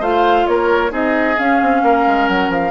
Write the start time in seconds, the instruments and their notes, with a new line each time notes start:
0.00 bassoon A3, clarinet F4, oboe C5, flute F5
0.47 bassoon A#3, oboe A#4, flute C#5
0.90 bassoon C4, clarinet D#4, oboe G#4, flute D#5
1.39 clarinet C#4, bassoon C#4, flute F5
1.62 bassoon C4
1.83 bassoon A#3, oboe A#4
2.07 bassoon G#3
2.28 bassoon F#3, flute F#5
2.49 bassoon F3, flute F5